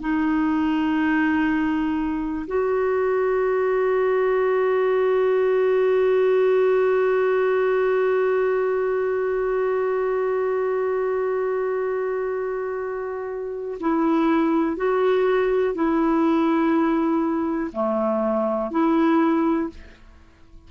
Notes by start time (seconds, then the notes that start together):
0.00 D#4
2.47 F#4
13.80 E4
14.76 F#4
15.74 E4
17.72 A3
18.71 E4